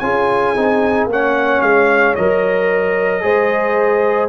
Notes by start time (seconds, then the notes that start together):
0.00 C#4 F4 G#4 G#5
0.56 C4 D#4
1.06 A#3 C#4 F#5
1.12 C#5
1.62 G#3 F5
2.16 F#3 A#4 D#5
3.21 G#3 G#4 C5